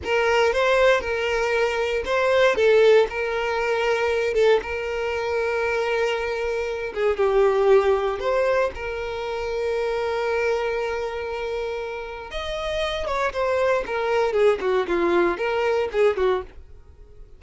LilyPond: \new Staff \with { instrumentName = "violin" } { \time 4/4 \tempo 4 = 117 ais'4 c''4 ais'2 | c''4 a'4 ais'2~ | ais'8 a'8 ais'2.~ | ais'4. gis'8 g'2 |
c''4 ais'2.~ | ais'1 | dis''4. cis''8 c''4 ais'4 | gis'8 fis'8 f'4 ais'4 gis'8 fis'8 | }